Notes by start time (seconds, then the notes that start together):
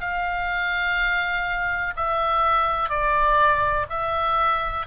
0.00 F5
1.96 E5
2.89 D5
3.89 E5